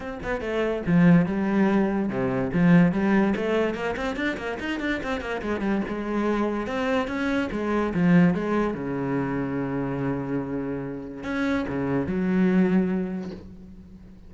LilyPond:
\new Staff \with { instrumentName = "cello" } { \time 4/4 \tempo 4 = 144 c'8 b8 a4 f4 g4~ | g4 c4 f4 g4 | a4 ais8 c'8 d'8 ais8 dis'8 d'8 | c'8 ais8 gis8 g8 gis2 |
c'4 cis'4 gis4 f4 | gis4 cis2.~ | cis2. cis'4 | cis4 fis2. | }